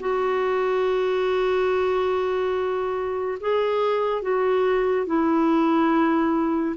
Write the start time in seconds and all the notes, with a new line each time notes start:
0.00 F#4
3.40 G#4
4.22 F#4
5.06 E4